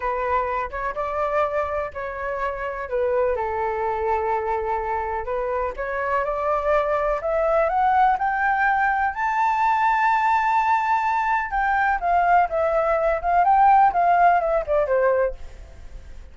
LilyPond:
\new Staff \with { instrumentName = "flute" } { \time 4/4 \tempo 4 = 125 b'4. cis''8 d''2 | cis''2 b'4 a'4~ | a'2. b'4 | cis''4 d''2 e''4 |
fis''4 g''2 a''4~ | a''1 | g''4 f''4 e''4. f''8 | g''4 f''4 e''8 d''8 c''4 | }